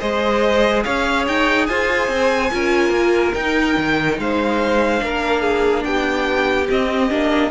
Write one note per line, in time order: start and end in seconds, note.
0.00 0.85 G#3
0.00 2.51 G#4
0.00 0.84 C5
0.00 0.83 D#5
0.84 1.27 C#4
0.84 1.67 C#5
0.84 1.25 F5
1.27 1.69 D#4
1.27 1.66 G5
1.66 2.08 F4
1.66 2.52 C5
1.66 3.33 G#5
2.08 2.50 C4
2.51 2.90 C#4
2.51 3.34 F4
2.51 4.21 A#4
2.90 3.32 A#3
3.34 4.99 D#4
3.34 3.77 D#4
3.34 4.18 G5
3.77 4.18 D#3
4.18 5.02 G#3
4.18 5.03 C5
4.18 5.84 F5
4.99 5.85 A#3
4.99 6.65 D4
4.99 5.41 A#4
5.41 5.83 G#4
5.84 6.68 B3
5.84 7.51 G4
5.84 6.67 G5
6.69 7.10 C4
6.69 7.11 C4
6.69 7.51 D#5
7.10 7.51 A#3
7.10 7.51 D4